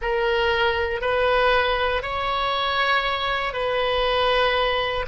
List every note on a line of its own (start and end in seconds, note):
0.01 1.01 A#4
1.01 2.02 B4
2.02 3.53 C#5
3.53 5.05 B4